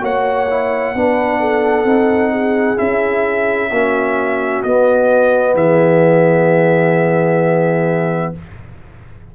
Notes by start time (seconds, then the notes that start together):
0.00 A#3 F#4 C#5 F#5
0.50 E4
0.94 B3 D4 B4
1.40 A4
1.84 C4 D#4
2.32 G#4
2.76 C#4 E4 E5
3.70 A#3 C#4 F#4
4.62 B3 D#5
5.54 E3 G#4 E5